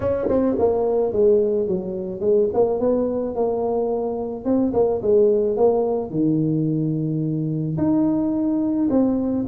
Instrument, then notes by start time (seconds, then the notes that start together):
tuba
0.00 C#4
0.28 C4
0.58 A#3
1.12 G#3
1.67 F#3
2.20 G#3
2.53 A#3
2.79 B3
3.35 A#3
4.44 C4
4.73 A#3
5.02 G#3
5.56 A#3
6.10 D#3
7.77 D#4
8.89 C4